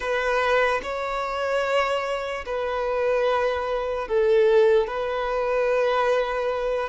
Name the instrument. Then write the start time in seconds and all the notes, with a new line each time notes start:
violin
0.00 B4
0.82 C#5
2.45 B4
4.08 A4
4.87 B4